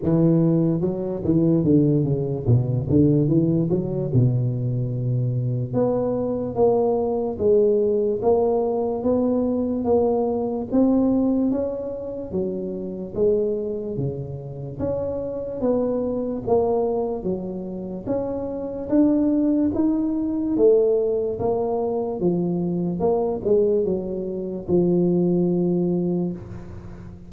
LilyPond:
\new Staff \with { instrumentName = "tuba" } { \time 4/4 \tempo 4 = 73 e4 fis8 e8 d8 cis8 b,8 d8 | e8 fis8 b,2 b4 | ais4 gis4 ais4 b4 | ais4 c'4 cis'4 fis4 |
gis4 cis4 cis'4 b4 | ais4 fis4 cis'4 d'4 | dis'4 a4 ais4 f4 | ais8 gis8 fis4 f2 | }